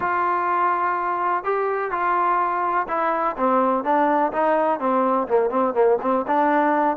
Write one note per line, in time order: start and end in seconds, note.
0.00 1.44 F4
1.44 1.91 G4
1.91 2.87 F4
2.88 3.36 E4
3.37 3.84 C4
3.84 4.32 D4
4.32 4.79 D#4
4.79 5.27 C4
5.28 5.50 A#3
5.50 5.74 C4
5.74 5.98 A#3
6.01 6.25 C4
6.27 6.96 D4